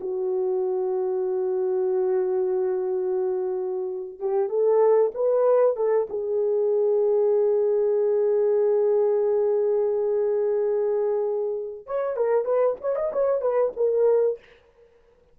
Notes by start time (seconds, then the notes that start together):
0.00 F#4
4.19 G4
4.49 A4
5.14 B4
5.76 A4
6.09 G#4
11.86 C#5
12.16 A#4
12.44 B4
12.81 C#5
12.95 D#5
13.12 C#5
13.41 B4
13.76 A#4